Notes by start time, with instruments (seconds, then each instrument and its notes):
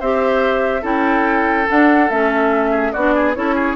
0.00 bassoon C4, clarinet G4, oboe C5, flute E5
0.82 bassoon C#4, clarinet E4, oboe A4, flute G5
1.68 clarinet D4, bassoon D4, flute F#5
2.10 bassoon A3, clarinet C#4, flute E5
2.71 oboe G#4
2.92 bassoon B3, clarinet D4, oboe F#4, flute D5
3.15 oboe G#4
3.35 bassoon C#4, clarinet E4, oboe A4, flute C#5
3.55 oboe G#4